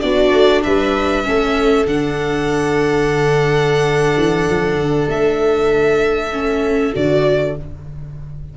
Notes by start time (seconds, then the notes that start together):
0.00 B3 D4 F#4 D5
0.33 A3
0.63 G3 B4 E5
1.23 A3 C#4 A4
1.86 D3 D4 F#5
4.17 E3
4.49 F3
4.76 D3
5.08 A3 E5
6.32 C#4
6.93 D3 F#4 D5